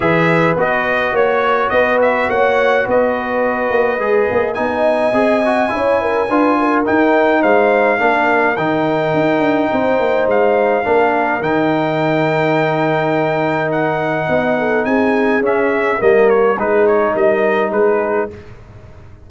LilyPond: <<
  \new Staff \with { instrumentName = "trumpet" } { \time 4/4 \tempo 4 = 105 e''4 dis''4 cis''4 dis''8 e''8 | fis''4 dis''2. | gis''1 | g''4 f''2 g''4~ |
g''2 f''2 | g''1 | fis''2 gis''4 e''4 | dis''8 cis''8 b'8 cis''8 dis''4 b'4 | }
  \new Staff \with { instrumentName = "horn" } { \time 4/4 b'2 cis''4 b'4 | cis''4 b'2. | dis''2 cis''8 ais'8 b'8 ais'8~ | ais'4 c''4 ais'2~ |
ais'4 c''2 ais'4~ | ais'1~ | ais'4 dis''8 a'8 gis'2 | ais'4 gis'4 ais'4 gis'4 | }
  \new Staff \with { instrumentName = "trombone" } { \time 4/4 gis'4 fis'2.~ | fis'2. gis'4 | dis'4 gis'8 fis'8 e'4 f'4 | dis'2 d'4 dis'4~ |
dis'2. d'4 | dis'1~ | dis'2. cis'4 | ais4 dis'2. | }
  \new Staff \with { instrumentName = "tuba" } { \time 4/4 e4 b4 ais4 b4 | ais4 b4. ais8 gis8 ais8 | b4 c'4 cis'4 d'4 | dis'4 gis4 ais4 dis4 |
dis'8 d'8 c'8 ais8 gis4 ais4 | dis1~ | dis4 b4 c'4 cis'4 | g4 gis4 g4 gis4 | }
>>